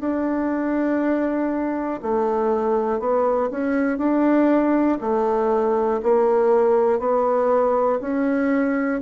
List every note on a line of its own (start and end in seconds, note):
0.00 2.00 D4
2.03 3.00 A3
3.00 3.50 B3
3.50 3.98 C#4
3.98 4.98 D4
5.00 6.00 A3
6.03 6.99 A#3
6.99 7.99 B3
8.01 9.01 C#4